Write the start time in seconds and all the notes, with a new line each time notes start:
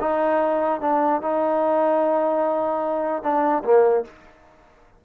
0.00 D#4
0.81 D4
1.22 D#4
3.23 D4
3.64 A#3